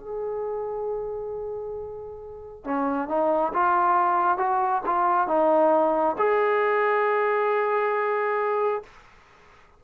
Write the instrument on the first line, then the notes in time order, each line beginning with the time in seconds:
trombone
0.00 G#4
2.64 C#4
3.08 D#4
3.53 F4
4.38 F#4
4.86 F4
5.28 D#4
6.18 G#4